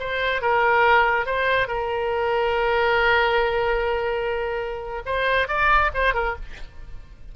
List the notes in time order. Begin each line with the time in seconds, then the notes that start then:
0.00 C5
0.42 A#4
1.26 C5
1.68 A#4
5.06 C5
5.48 D5
5.94 C5
6.14 A#4